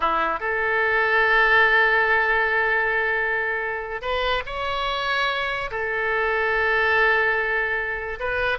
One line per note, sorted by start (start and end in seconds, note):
0.00 0.39 E4
0.39 4.01 A4
4.01 4.43 B4
4.46 5.70 C#5
5.70 8.19 A4
8.19 8.58 B4